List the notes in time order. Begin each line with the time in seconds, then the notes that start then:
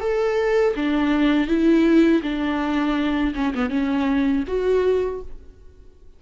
0.00 A4
0.76 D4
1.47 E4
2.23 D4
3.35 C#4
3.55 B3
3.70 C#4
4.47 F#4